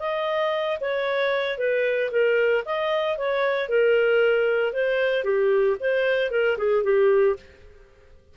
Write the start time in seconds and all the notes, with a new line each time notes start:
0.00 D#5
0.81 C#5
1.58 B4
2.12 A#4
2.66 D#5
3.18 C#5
3.69 A#4
4.73 C5
5.25 G4
5.80 C5
6.31 A#4
6.58 G#4
6.84 G4